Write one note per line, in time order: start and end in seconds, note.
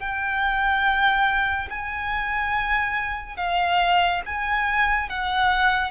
0.00 1.69 G5
1.71 3.38 G#5
3.38 4.22 F5
4.26 5.09 G#5
5.09 5.91 F#5